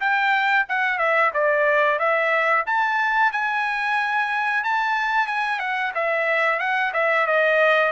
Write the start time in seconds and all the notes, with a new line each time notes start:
0.00 G5
0.68 F#5
0.98 E5
1.34 D5
1.99 E5
2.66 A5
3.32 G#5
4.64 A5
5.27 G#5
5.60 F#5
5.95 E5
6.59 F#5
6.94 E5
7.26 D#5